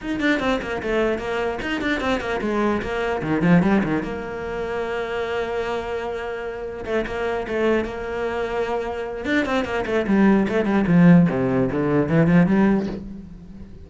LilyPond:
\new Staff \with { instrumentName = "cello" } { \time 4/4 \tempo 4 = 149 dis'8 d'8 c'8 ais8 a4 ais4 | dis'8 d'8 c'8 ais8 gis4 ais4 | dis8 f8 g8 dis8 ais2~ | ais1~ |
ais4 a8 ais4 a4 ais8~ | ais2. d'8 c'8 | ais8 a8 g4 a8 g8 f4 | c4 d4 e8 f8 g4 | }